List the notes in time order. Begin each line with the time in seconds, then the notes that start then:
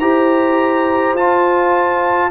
0.00 E4 G4 C5 A#5
1.14 F4 A5